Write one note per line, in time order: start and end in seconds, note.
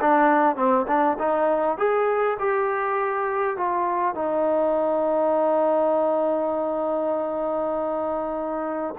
0.00 0.56 D4
0.56 0.86 C4
0.88 1.18 D4
1.18 1.77 D#4
1.77 2.37 G#4
2.39 3.56 G4
3.56 4.15 F4
4.15 8.95 D#4